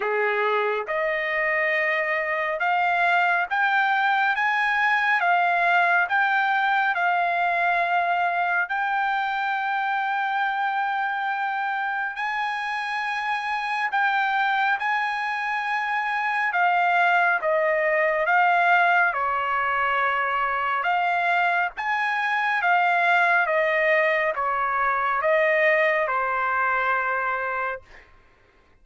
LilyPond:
\new Staff \with { instrumentName = "trumpet" } { \time 4/4 \tempo 4 = 69 gis'4 dis''2 f''4 | g''4 gis''4 f''4 g''4 | f''2 g''2~ | g''2 gis''2 |
g''4 gis''2 f''4 | dis''4 f''4 cis''2 | f''4 gis''4 f''4 dis''4 | cis''4 dis''4 c''2 | }